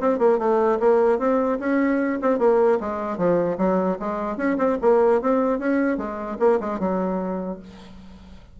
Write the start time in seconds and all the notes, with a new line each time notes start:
0.00 C4
0.18 A#3
0.38 A3
0.80 A#3
1.18 C4
1.59 C#4
2.21 C4
2.38 A#3
2.80 G#3
3.17 F3
3.58 F#3
3.99 G#3
4.37 C#4
4.58 C4
4.81 A#3
5.21 C4
5.59 C#4
5.97 G#3
6.39 A#3
6.60 G#3
6.79 F#3